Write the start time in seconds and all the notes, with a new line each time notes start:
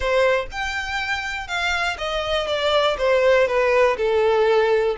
0.00 C5
0.51 G5
1.47 F5
1.97 D#5
2.47 D5
2.98 C5
3.47 B4
3.97 A4